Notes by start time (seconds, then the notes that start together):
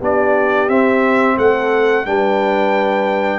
0.00 B3 D4 G4 D5
0.68 C4 E5
1.38 A3 A4 F#5
2.06 G3 D4 B4 G5